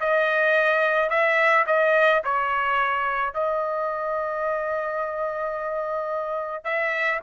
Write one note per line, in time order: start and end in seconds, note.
0.00 1.09 D#5
1.09 1.65 E5
1.66 2.22 D#5
2.24 3.33 C#5
3.33 6.64 D#5
6.64 7.19 E5